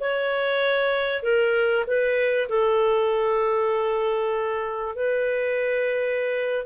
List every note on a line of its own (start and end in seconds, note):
0.00 1.23 C#5
1.23 1.84 A#4
1.86 2.48 B4
2.49 4.95 A4
4.95 6.65 B4